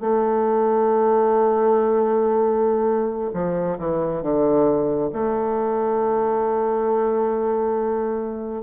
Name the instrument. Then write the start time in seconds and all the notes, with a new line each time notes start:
bassoon
0.00 A3
3.33 F3
3.78 E3
4.22 D3
5.13 A3